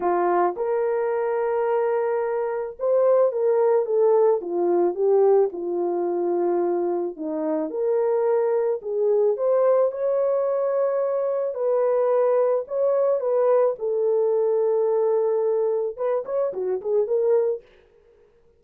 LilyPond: \new Staff \with { instrumentName = "horn" } { \time 4/4 \tempo 4 = 109 f'4 ais'2.~ | ais'4 c''4 ais'4 a'4 | f'4 g'4 f'2~ | f'4 dis'4 ais'2 |
gis'4 c''4 cis''2~ | cis''4 b'2 cis''4 | b'4 a'2.~ | a'4 b'8 cis''8 fis'8 gis'8 ais'4 | }